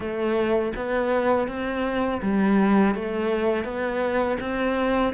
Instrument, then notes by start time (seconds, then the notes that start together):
cello
0.00 A3
0.75 B3
1.47 C4
2.22 G3
2.94 A3
3.64 B3
4.40 C4